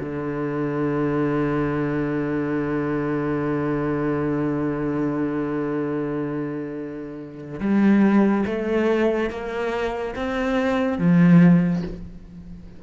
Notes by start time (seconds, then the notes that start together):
0.00 D3
7.61 G3
8.47 A3
9.30 A#3
10.16 C4
10.99 F3